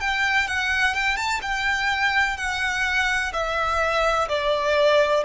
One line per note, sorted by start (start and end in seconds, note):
0.00 0.47 G5
0.47 0.94 F#5
0.94 1.16 G5
1.16 1.40 A5
1.42 2.37 G5
2.37 3.32 F#5
3.33 4.28 E5
4.29 5.24 D5